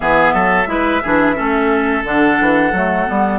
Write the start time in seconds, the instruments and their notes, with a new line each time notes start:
0.00 bassoon E3, clarinet B3, oboe G#4, flute E5
0.33 bassoon F#3, oboe A4
0.66 bassoon G#3, clarinet E4, oboe B4
1.03 bassoon E3, clarinet D4, oboe G#4
1.35 bassoon A3, clarinet C#4, oboe A4
2.03 bassoon D3, clarinet D4, flute F#5
2.40 bassoon E3
2.71 bassoon F#3, clarinet A3
3.06 bassoon G3, clarinet B3